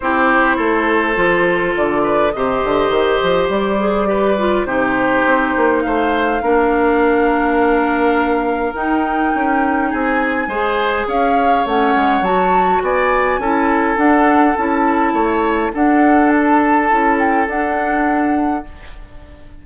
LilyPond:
<<
  \new Staff \with { instrumentName = "flute" } { \time 4/4 \tempo 4 = 103 c''2. d''4 | dis''2 d''2 | c''2 f''2~ | f''2. g''4~ |
g''4 gis''2 f''4 | fis''4 a''4 gis''2 | fis''4 a''2 fis''4 | a''4. g''8 fis''2 | }
  \new Staff \with { instrumentName = "oboe" } { \time 4/4 g'4 a'2~ a'8 b'8 | c''2. b'4 | g'2 c''4 ais'4~ | ais'1~ |
ais'4 gis'4 c''4 cis''4~ | cis''2 d''4 a'4~ | a'2 cis''4 a'4~ | a'1 | }
  \new Staff \with { instrumentName = "clarinet" } { \time 4/4 e'2 f'2 | g'2~ g'8 gis'8 g'8 f'8 | dis'2. d'4~ | d'2. dis'4~ |
dis'2 gis'2 | cis'4 fis'2 e'4 | d'4 e'2 d'4~ | d'4 e'4 d'2 | }
  \new Staff \with { instrumentName = "bassoon" } { \time 4/4 c'4 a4 f4 d4 | c8 d8 dis8 f8 g2 | c4 c'8 ais8 a4 ais4~ | ais2. dis'4 |
cis'4 c'4 gis4 cis'4 | a8 gis8 fis4 b4 cis'4 | d'4 cis'4 a4 d'4~ | d'4 cis'4 d'2 | }
>>